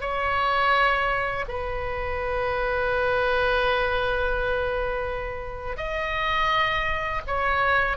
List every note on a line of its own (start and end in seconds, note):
0.00 1.45 C#5
1.48 5.77 B4
5.77 7.21 D#5
7.27 7.97 C#5